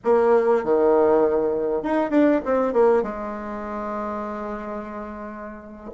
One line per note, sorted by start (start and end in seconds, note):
0.04 0.64 A#3
0.64 1.83 D#3
1.83 2.10 D#4
2.10 2.40 D4
2.45 2.73 C4
2.73 3.02 A#3
3.02 5.90 G#3